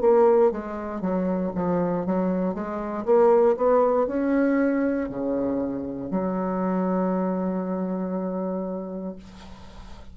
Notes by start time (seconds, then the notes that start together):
0.00 A#3
0.51 G#3
1.01 F#3
1.55 F3
2.05 F#3
2.54 G#3
3.05 A#3
3.56 B3
4.07 C#4
5.08 C#3
6.10 F#3